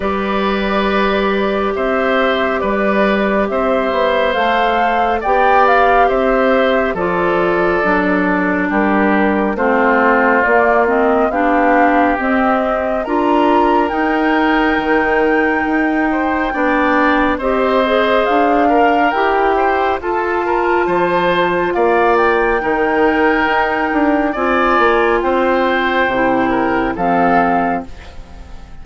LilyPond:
<<
  \new Staff \with { instrumentName = "flute" } { \time 4/4 \tempo 4 = 69 d''2 e''4 d''4 | e''4 f''4 g''8 f''8 e''4 | d''2 ais'4 c''4 | d''8 dis''8 f''4 dis''4 ais''4 |
g''1 | dis''4 f''4 g''4 a''4~ | a''4 f''8 g''2~ g''8 | gis''4 g''2 f''4 | }
  \new Staff \with { instrumentName = "oboe" } { \time 4/4 b'2 c''4 b'4 | c''2 d''4 c''4 | a'2 g'4 f'4~ | f'4 g'2 ais'4~ |
ais'2~ ais'8 c''8 d''4 | c''4. ais'4 c''8 a'8 ais'8 | c''4 d''4 ais'2 | d''4 c''4. ais'8 a'4 | }
  \new Staff \with { instrumentName = "clarinet" } { \time 4/4 g'1~ | g'4 a'4 g'2 | f'4 d'2 c'4 | ais8 c'8 d'4 c'4 f'4 |
dis'2. d'4 | g'8 gis'4 ais'8 g'4 f'4~ | f'2 dis'2 | f'2 e'4 c'4 | }
  \new Staff \with { instrumentName = "bassoon" } { \time 4/4 g2 c'4 g4 | c'8 b8 a4 b4 c'4 | f4 fis4 g4 a4 | ais4 b4 c'4 d'4 |
dis'4 dis4 dis'4 b4 | c'4 d'4 e'4 f'4 | f4 ais4 dis4 dis'8 d'8 | c'8 ais8 c'4 c4 f4 | }
>>